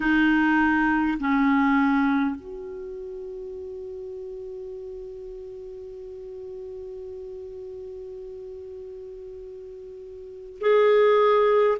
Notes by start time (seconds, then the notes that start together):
0.00 D#4
1.19 C#4
2.35 F#4
10.60 G#4